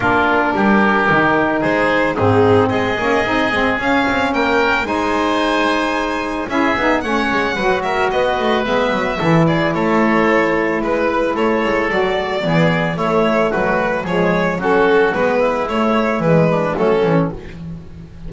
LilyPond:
<<
  \new Staff \with { instrumentName = "violin" } { \time 4/4 \tempo 4 = 111 ais'2. c''4 | gis'4 dis''2 f''4 | g''4 gis''2. | e''4 fis''4. e''8 dis''4 |
e''4. d''8 cis''2 | b'4 cis''4 d''2 | cis''4 b'4 cis''4 a'4 | b'4 cis''4 b'4 a'4 | }
  \new Staff \with { instrumentName = "oboe" } { \time 4/4 f'4 g'2 gis'4 | dis'4 gis'2. | ais'4 c''2. | gis'4 cis''4 b'8 ais'8 b'4~ |
b'4 a'8 gis'8 a'2 | b'4 a'2 gis'4 | e'4 fis'4 gis'4 fis'4~ | fis'8 e'2 d'8 cis'4 | }
  \new Staff \with { instrumentName = "saxophone" } { \time 4/4 d'2 dis'2 | c'4. cis'8 dis'8 c'8 cis'4~ | cis'4 dis'2. | e'8 dis'8 cis'4 fis'2 |
b4 e'2.~ | e'2 fis'4 b4 | a2 gis4 cis'4 | b4 a4 gis4 a8 cis'8 | }
  \new Staff \with { instrumentName = "double bass" } { \time 4/4 ais4 g4 dis4 gis4 | gis,4 gis8 ais8 c'8 gis8 cis'8 c'8 | ais4 gis2. | cis'8 b8 a8 gis8 fis4 b8 a8 |
gis8 fis8 e4 a2 | gis4 a8 gis8 fis4 e4 | a4 fis4 f4 fis4 | gis4 a4 e4 fis8 e8 | }
>>